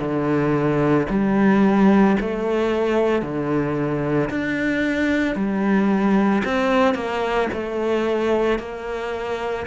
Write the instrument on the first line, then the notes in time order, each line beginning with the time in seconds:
cello
0.00 D3
1.10 G3
2.21 A3
3.23 D3
4.30 D4
5.36 G3
6.45 C4
6.95 A#3
7.53 A3
8.59 A#3